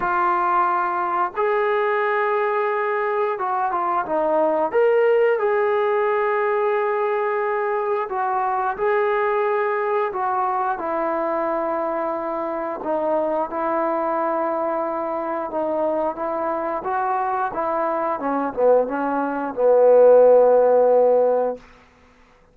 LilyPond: \new Staff \with { instrumentName = "trombone" } { \time 4/4 \tempo 4 = 89 f'2 gis'2~ | gis'4 fis'8 f'8 dis'4 ais'4 | gis'1 | fis'4 gis'2 fis'4 |
e'2. dis'4 | e'2. dis'4 | e'4 fis'4 e'4 cis'8 b8 | cis'4 b2. | }